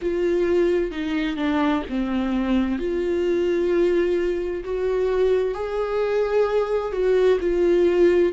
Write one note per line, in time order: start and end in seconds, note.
0.01 0.91 F4
0.91 1.36 D#4
1.36 1.82 D4
1.89 2.79 C4
2.79 4.63 F4
4.64 5.54 F#4
5.54 6.92 G#4
6.92 7.38 F#4
7.40 8.32 F4